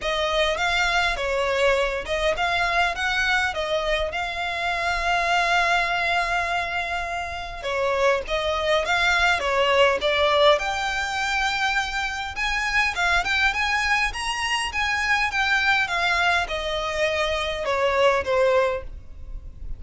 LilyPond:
\new Staff \with { instrumentName = "violin" } { \time 4/4 \tempo 4 = 102 dis''4 f''4 cis''4. dis''8 | f''4 fis''4 dis''4 f''4~ | f''1~ | f''4 cis''4 dis''4 f''4 |
cis''4 d''4 g''2~ | g''4 gis''4 f''8 g''8 gis''4 | ais''4 gis''4 g''4 f''4 | dis''2 cis''4 c''4 | }